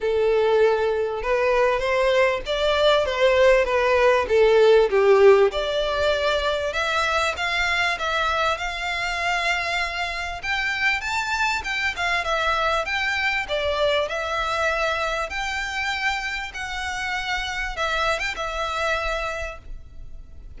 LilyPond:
\new Staff \with { instrumentName = "violin" } { \time 4/4 \tempo 4 = 98 a'2 b'4 c''4 | d''4 c''4 b'4 a'4 | g'4 d''2 e''4 | f''4 e''4 f''2~ |
f''4 g''4 a''4 g''8 f''8 | e''4 g''4 d''4 e''4~ | e''4 g''2 fis''4~ | fis''4 e''8. g''16 e''2 | }